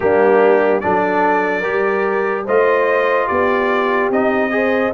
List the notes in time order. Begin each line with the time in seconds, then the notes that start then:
0.00 G3 A#3 D4 G4
0.80 F#3 D4 A4 D5
1.60 G3 G4 A#4
2.45 A3 F4 C5 D#5
3.26 B3 G4 D5
4.09 C4 D#4 D#5
4.50 G#4 C5